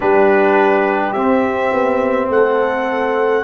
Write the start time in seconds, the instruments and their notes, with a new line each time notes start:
0.00 tuba G3, trombone D4, horn G4, trumpet B4
1.12 tuba C4, trombone C4, trumpet E5
1.72 tuba B3
2.29 tuba A3, trumpet F#5
2.35 horn A4